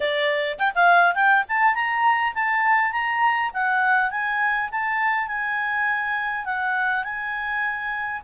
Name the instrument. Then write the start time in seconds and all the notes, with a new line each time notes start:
clarinet
0.00 D5
0.59 G5
0.74 F5
1.14 G5
1.48 A5
1.74 A#5
2.34 A5
2.92 A#5
3.53 F#5
4.10 G#5
4.71 A5
5.27 G#5
6.45 F#5
7.04 G#5